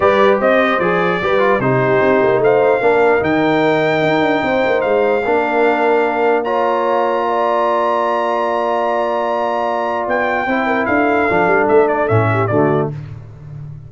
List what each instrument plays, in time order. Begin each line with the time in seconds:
0.00 tuba G3, trombone G4, horn B4, trumpet D5
0.39 tuba C4, horn C5, trumpet D#5
0.79 tuba F3, trombone G#4, trumpet D5
1.21 tuba G3, trombone G4, horn B4
1.39 trombone F4
1.59 tuba C3, trombone D#4, horn G4, trumpet C5
2.01 tuba C4
2.22 tuba A#3
2.38 tuba A3, horn C5, trumpet F5
2.81 tuba A#3, trombone D4, horn A#4
3.19 tuba D#3, trombone D#4, trumpet G5
4.02 tuba D#4
4.21 tuba D4
4.43 tuba C4, horn C5
4.66 tuba A#3
4.81 tuba G#3, trumpet F5
5.24 tuba A#3, trombone D4, horn A#4
6.44 trombone F4, horn C#5, trumpet A#5
7.27 horn D5
10.07 tuba B3, trumpet G5
10.46 tuba C4, trombone E4, horn C5
10.66 horn A#4
10.85 tuba D4, horn A4, trumpet F5
11.29 tuba F3, trombone D4
11.47 tuba G3
11.68 tuba A3, trumpet E5
11.88 trumpet D5
12.08 tuba A2, trombone C#4, trumpet E5
12.32 horn G4
12.47 tuba D3, trombone A3, horn F#4, trumpet D5